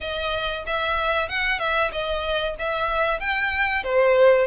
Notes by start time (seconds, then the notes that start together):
0.01 D#5
0.66 E5
1.29 F#5
1.59 E5
1.91 D#5
2.59 E5
3.19 G5
3.83 C5